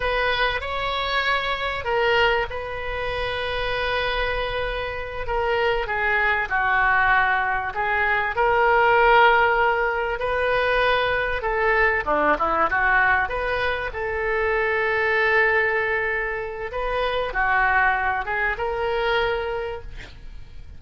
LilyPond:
\new Staff \with { instrumentName = "oboe" } { \time 4/4 \tempo 4 = 97 b'4 cis''2 ais'4 | b'1~ | b'8 ais'4 gis'4 fis'4.~ | fis'8 gis'4 ais'2~ ais'8~ |
ais'8 b'2 a'4 d'8 | e'8 fis'4 b'4 a'4.~ | a'2. b'4 | fis'4. gis'8 ais'2 | }